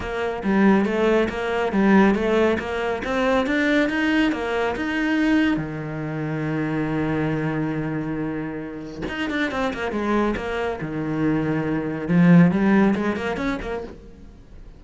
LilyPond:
\new Staff \with { instrumentName = "cello" } { \time 4/4 \tempo 4 = 139 ais4 g4 a4 ais4 | g4 a4 ais4 c'4 | d'4 dis'4 ais4 dis'4~ | dis'4 dis2.~ |
dis1~ | dis4 dis'8 d'8 c'8 ais8 gis4 | ais4 dis2. | f4 g4 gis8 ais8 cis'8 ais8 | }